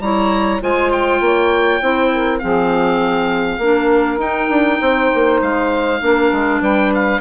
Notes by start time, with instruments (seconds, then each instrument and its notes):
0.00 bassoon G3, clarinet E4, saxophone C#5, oboe A#5
0.61 bassoon G#3, clarinet F4, saxophone C5, oboe G#5
0.92 oboe G5
1.20 bassoon A#3, saxophone C#5
1.81 bassoon C4, clarinet E4, saxophone C5
2.12 saxophone A#4
2.39 bassoon F3, clarinet C4, saxophone G#4, oboe F5
3.58 bassoon A#3, clarinet D4, saxophone A#4
4.17 bassoon D#4, clarinet D#4, oboe G5
4.50 bassoon D4
4.81 bassoon C4, saxophone C5
5.14 bassoon A#3
5.41 bassoon G#3, oboe F5
6.00 bassoon A#3, clarinet D4, saxophone A#4
6.32 bassoon G#3
6.60 bassoon G3, saxophone B4, oboe G5
6.94 oboe F5